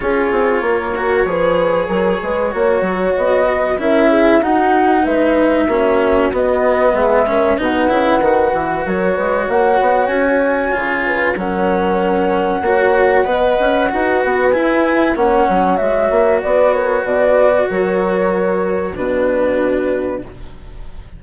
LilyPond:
<<
  \new Staff \with { instrumentName = "flute" } { \time 4/4 \tempo 4 = 95 cis''1~ | cis''4 dis''4 e''4 fis''4 | e''2 dis''4 e''4 | fis''2 cis''4 fis''4 |
gis''2 fis''2~ | fis''2. gis''4 | fis''4 e''4 d''8 cis''8 d''4 | cis''2 b'2 | }
  \new Staff \with { instrumentName = "horn" } { \time 4/4 gis'4 ais'4 b'4 ais'8 b'8 | cis''4. b'8 ais'8 gis'8 fis'4 | b'4 fis'2 gis'8 ais'8 | b'2 ais'8 b'8 cis''4~ |
cis''4. b'8 ais'2 | cis''4 dis''4 b'2 | cis''2 b'8 ais'8 b'4 | ais'2 fis'2 | }
  \new Staff \with { instrumentName = "cello" } { \time 4/4 f'4. fis'8 gis'2 | fis'2 e'4 dis'4~ | dis'4 cis'4 b4. cis'8 | dis'8 e'8 fis'2.~ |
fis'4 f'4 cis'2 | fis'4 b'4 fis'4 e'4 | cis'4 fis'2.~ | fis'2 d'2 | }
  \new Staff \with { instrumentName = "bassoon" } { \time 4/4 cis'8 c'8 ais4 f4 fis8 gis8 | ais8 fis8 b4 cis'4 dis'4 | gis4 ais4 b4 gis4 | b,8 cis8 dis8 e8 fis8 gis8 ais8 b8 |
cis'4 cis4 fis2 | ais4 b8 cis'8 dis'8 b8 e'4 | ais8 fis8 gis8 ais8 b4 b,4 | fis2 b,2 | }
>>